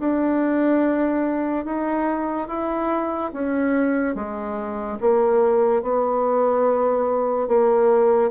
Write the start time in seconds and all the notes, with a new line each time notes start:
0.00 D4
1.66 D#4
2.48 E4
3.34 C#4
4.16 G#3
5.01 A#3
5.83 B3
7.48 A#3